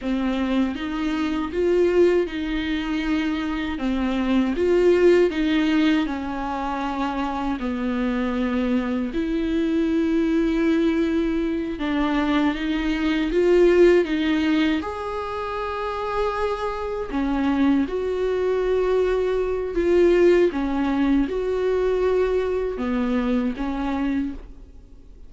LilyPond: \new Staff \with { instrumentName = "viola" } { \time 4/4 \tempo 4 = 79 c'4 dis'4 f'4 dis'4~ | dis'4 c'4 f'4 dis'4 | cis'2 b2 | e'2.~ e'8 d'8~ |
d'8 dis'4 f'4 dis'4 gis'8~ | gis'2~ gis'8 cis'4 fis'8~ | fis'2 f'4 cis'4 | fis'2 b4 cis'4 | }